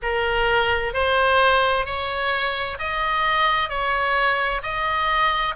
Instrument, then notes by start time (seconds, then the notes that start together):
oboe
0.02 A#4
0.93 C5
1.85 C#5
2.79 D#5
3.69 C#5
4.62 D#5